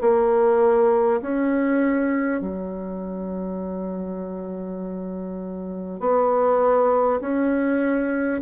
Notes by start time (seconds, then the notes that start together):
0.00 A#3
1.21 C#4
2.41 F#3
6.00 B3
7.21 C#4